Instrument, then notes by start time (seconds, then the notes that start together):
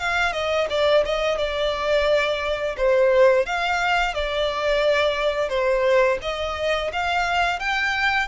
violin
0.00 F5
0.33 D#5
0.70 D5
1.06 D#5
1.38 D5
2.77 C5
3.46 F5
4.15 D5
5.50 C5
6.22 D#5
6.93 F5
7.60 G5